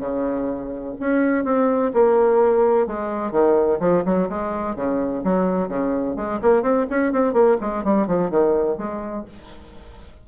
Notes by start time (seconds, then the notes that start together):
0.00 C#3
1.00 C#4
1.45 C4
1.93 A#3
2.87 G#3
3.32 D#3
3.80 F3
4.05 F#3
4.29 G#3
4.76 C#3
5.24 F#3
5.69 C#3
6.16 G#3
6.42 A#3
6.62 C4
6.90 C#4
7.13 C4
7.33 A#3
7.61 G#3
7.84 G3
8.07 F3
8.31 D#3
8.78 G#3